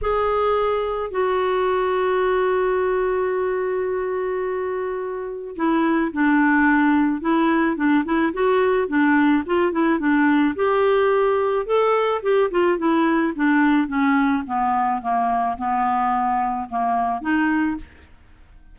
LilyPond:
\new Staff \with { instrumentName = "clarinet" } { \time 4/4 \tempo 4 = 108 gis'2 fis'2~ | fis'1~ | fis'2 e'4 d'4~ | d'4 e'4 d'8 e'8 fis'4 |
d'4 f'8 e'8 d'4 g'4~ | g'4 a'4 g'8 f'8 e'4 | d'4 cis'4 b4 ais4 | b2 ais4 dis'4 | }